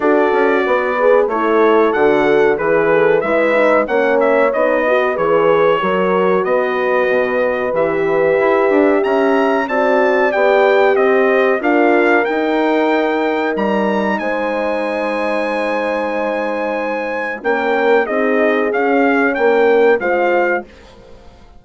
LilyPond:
<<
  \new Staff \with { instrumentName = "trumpet" } { \time 4/4 \tempo 4 = 93 d''2 cis''4 fis''4 | b'4 e''4 fis''8 e''8 dis''4 | cis''2 dis''2 | e''2 ais''4 a''4 |
g''4 dis''4 f''4 g''4~ | g''4 ais''4 gis''2~ | gis''2. g''4 | dis''4 f''4 g''4 f''4 | }
  \new Staff \with { instrumentName = "horn" } { \time 4/4 a'4 b'4 e'4 fis'4 | b'8 a'8 b'4 cis''4. b'8~ | b'4 ais'4 b'2~ | b'2 e''4 d''4~ |
d''4 c''4 ais'2~ | ais'2 c''2~ | c''2. ais'4 | gis'2 ais'4 c''4 | }
  \new Staff \with { instrumentName = "horn" } { \time 4/4 fis'4. gis'8 a'2 | gis'4 e'8 dis'8 cis'4 dis'8 fis'8 | gis'4 fis'2. | g'2. fis'4 |
g'2 f'4 dis'4~ | dis'1~ | dis'2. cis'4 | dis'4 cis'2 f'4 | }
  \new Staff \with { instrumentName = "bassoon" } { \time 4/4 d'8 cis'8 b4 a4 d4 | e4 gis4 ais4 b4 | e4 fis4 b4 b,4 | e4 e'8 d'8 cis'4 c'4 |
b4 c'4 d'4 dis'4~ | dis'4 g4 gis2~ | gis2. ais4 | c'4 cis'4 ais4 gis4 | }
>>